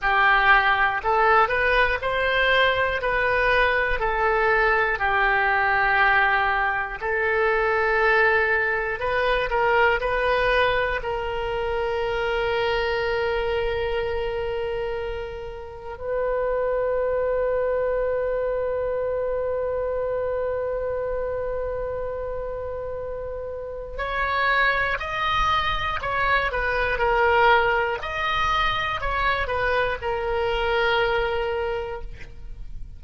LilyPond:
\new Staff \with { instrumentName = "oboe" } { \time 4/4 \tempo 4 = 60 g'4 a'8 b'8 c''4 b'4 | a'4 g'2 a'4~ | a'4 b'8 ais'8 b'4 ais'4~ | ais'1 |
b'1~ | b'1 | cis''4 dis''4 cis''8 b'8 ais'4 | dis''4 cis''8 b'8 ais'2 | }